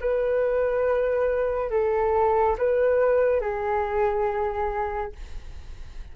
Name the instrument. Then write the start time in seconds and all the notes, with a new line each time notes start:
flute
0.00 B4
1.70 A4
2.58 B4
3.41 G#4